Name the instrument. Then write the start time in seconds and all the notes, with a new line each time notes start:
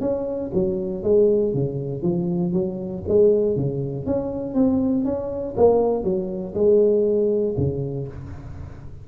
tuba
0.00 C#4
0.53 F#3
1.03 G#3
1.53 C#3
2.02 F3
2.53 F#3
3.08 G#3
3.56 C#3
4.06 C#4
4.54 C4
5.05 C#4
5.57 A#3
6.03 F#3
6.54 G#3
7.57 C#3